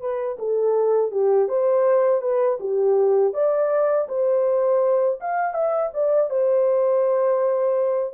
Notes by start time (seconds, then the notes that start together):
0.00 B4
0.38 A4
1.11 G4
1.48 C5
2.21 B4
2.60 G4
3.33 D5
4.08 C5
5.20 F5
5.54 E5
5.93 D5
6.30 C5